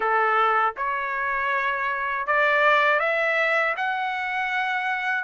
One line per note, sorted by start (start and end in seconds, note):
0.00 0.74 A4
0.77 2.26 C#5
2.26 2.99 D5
2.99 3.74 E5
3.76 5.24 F#5